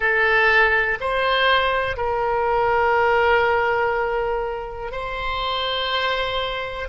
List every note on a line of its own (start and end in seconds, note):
0.00 0.98 A4
1.00 1.97 C5
1.97 4.91 A#4
4.91 6.88 C5